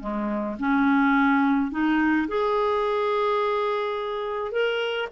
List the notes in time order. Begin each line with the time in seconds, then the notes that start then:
0.00 G#3
0.59 C#4
1.71 D#4
2.28 G#4
4.52 A#4